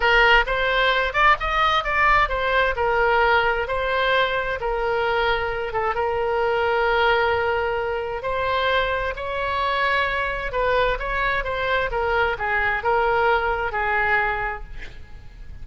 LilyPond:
\new Staff \with { instrumentName = "oboe" } { \time 4/4 \tempo 4 = 131 ais'4 c''4. d''8 dis''4 | d''4 c''4 ais'2 | c''2 ais'2~ | ais'8 a'8 ais'2.~ |
ais'2 c''2 | cis''2. b'4 | cis''4 c''4 ais'4 gis'4 | ais'2 gis'2 | }